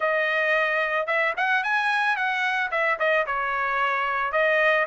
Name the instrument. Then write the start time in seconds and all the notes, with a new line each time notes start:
trumpet
0.00 D#5
1.06 E5
1.36 F#5
1.63 G#5
2.16 F#5
2.71 E5
2.99 D#5
3.26 C#5
4.32 D#5